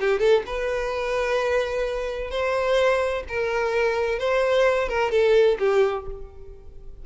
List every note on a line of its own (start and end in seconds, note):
0.00 0.19 G4
0.19 0.43 A4
0.46 2.30 B4
2.30 3.23 C5
3.28 4.19 A#4
4.19 4.88 C5
4.88 5.11 A#4
5.11 5.58 A4
5.59 6.05 G4